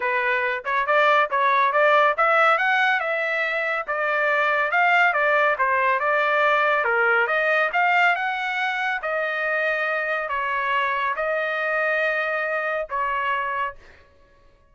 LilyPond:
\new Staff \with { instrumentName = "trumpet" } { \time 4/4 \tempo 4 = 140 b'4. cis''8 d''4 cis''4 | d''4 e''4 fis''4 e''4~ | e''4 d''2 f''4 | d''4 c''4 d''2 |
ais'4 dis''4 f''4 fis''4~ | fis''4 dis''2. | cis''2 dis''2~ | dis''2 cis''2 | }